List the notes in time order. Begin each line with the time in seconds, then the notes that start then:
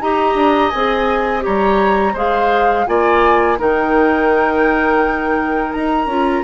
0.00 D#4 G4 D#5 A#5
0.35 D4
0.70 C4 G#4 G#5
1.40 G4 C#5 A#5
1.47 G3
2.13 G#3 G#4 C5 F5
2.87 A#3 F4 D5 G#5
3.58 D#3 D#4 A#4 G5
5.72 D#4 A#5
6.06 C#4 F4